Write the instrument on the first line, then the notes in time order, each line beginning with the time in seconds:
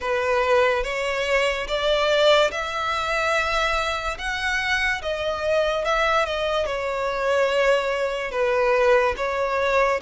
violin
0.00 B4
0.83 C#5
1.67 D5
2.51 E5
4.18 F#5
5.02 D#5
5.84 E5
6.25 D#5
6.66 C#5
8.31 B4
9.17 C#5